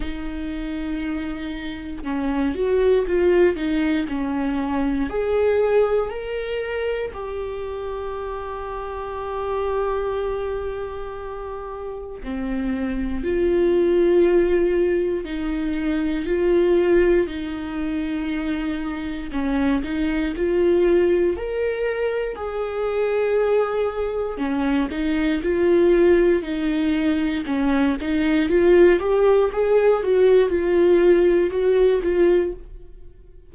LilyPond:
\new Staff \with { instrumentName = "viola" } { \time 4/4 \tempo 4 = 59 dis'2 cis'8 fis'8 f'8 dis'8 | cis'4 gis'4 ais'4 g'4~ | g'1 | c'4 f'2 dis'4 |
f'4 dis'2 cis'8 dis'8 | f'4 ais'4 gis'2 | cis'8 dis'8 f'4 dis'4 cis'8 dis'8 | f'8 g'8 gis'8 fis'8 f'4 fis'8 f'8 | }